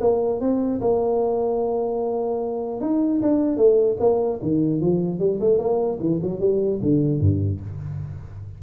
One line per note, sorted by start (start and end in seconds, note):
0.00 0.40 A#3
0.40 0.80 C4
0.80 2.80 A#3
2.81 3.21 D#4
3.22 3.56 D4
3.56 3.96 A3
3.99 4.39 A#3
4.41 4.81 D#3
4.81 5.19 F3
5.19 5.39 G3
5.40 5.58 A3
5.58 5.98 A#3
6.00 6.20 E3
6.22 6.39 F#3
6.39 6.79 G3
6.81 7.20 D3
7.20 7.60 G2